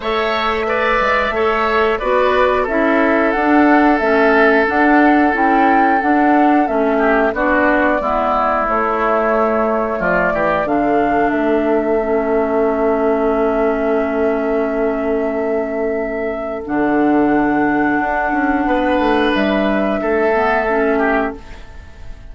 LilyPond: <<
  \new Staff \with { instrumentName = "flute" } { \time 4/4 \tempo 4 = 90 e''2. d''4 | e''4 fis''4 e''4 fis''4 | g''4 fis''4 e''4 d''4~ | d''4 cis''2 d''4 |
f''4 e''2.~ | e''1~ | e''4 fis''2.~ | fis''4 e''2. | }
  \new Staff \with { instrumentName = "oboe" } { \time 4/4 cis''4 d''4 cis''4 b'4 | a'1~ | a'2~ a'8 g'8 fis'4 | e'2. f'8 g'8 |
a'1~ | a'1~ | a'1 | b'2 a'4. g'8 | }
  \new Staff \with { instrumentName = "clarinet" } { \time 4/4 a'4 b'4 a'4 fis'4 | e'4 d'4 cis'4 d'4 | e'4 d'4 cis'4 d'4 | b4 a2. |
d'2 cis'2~ | cis'1~ | cis'4 d'2.~ | d'2~ d'8 b8 cis'4 | }
  \new Staff \with { instrumentName = "bassoon" } { \time 4/4 a4. gis8 a4 b4 | cis'4 d'4 a4 d'4 | cis'4 d'4 a4 b4 | gis4 a2 f8 e8 |
d4 a2.~ | a1~ | a4 d2 d'8 cis'8 | b8 a8 g4 a2 | }
>>